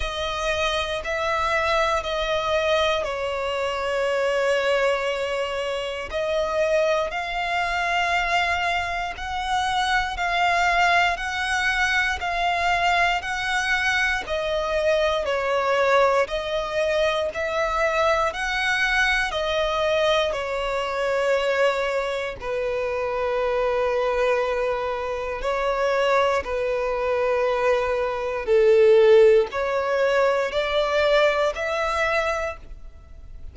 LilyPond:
\new Staff \with { instrumentName = "violin" } { \time 4/4 \tempo 4 = 59 dis''4 e''4 dis''4 cis''4~ | cis''2 dis''4 f''4~ | f''4 fis''4 f''4 fis''4 | f''4 fis''4 dis''4 cis''4 |
dis''4 e''4 fis''4 dis''4 | cis''2 b'2~ | b'4 cis''4 b'2 | a'4 cis''4 d''4 e''4 | }